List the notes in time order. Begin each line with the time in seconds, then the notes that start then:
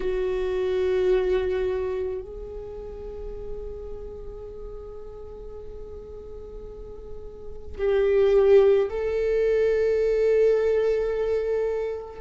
0.00 F#4
2.21 G#4
7.78 G4
8.89 A4